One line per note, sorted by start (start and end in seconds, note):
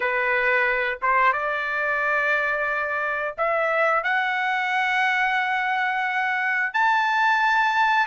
0.00 0.98 B4
1.02 1.33 C5
1.33 3.35 D5
3.37 4.03 E5
4.03 6.73 F#5
6.73 8.06 A5